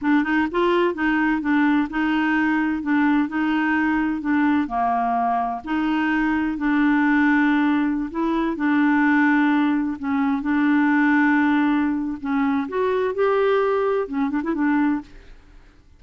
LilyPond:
\new Staff \with { instrumentName = "clarinet" } { \time 4/4 \tempo 4 = 128 d'8 dis'8 f'4 dis'4 d'4 | dis'2 d'4 dis'4~ | dis'4 d'4 ais2 | dis'2 d'2~ |
d'4~ d'16 e'4 d'4.~ d'16~ | d'4~ d'16 cis'4 d'4.~ d'16~ | d'2 cis'4 fis'4 | g'2 cis'8 d'16 e'16 d'4 | }